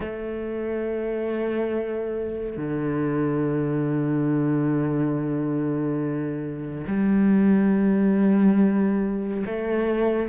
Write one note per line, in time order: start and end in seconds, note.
0.00 2.56 A3
2.56 6.85 D3
6.87 9.44 G3
9.46 10.29 A3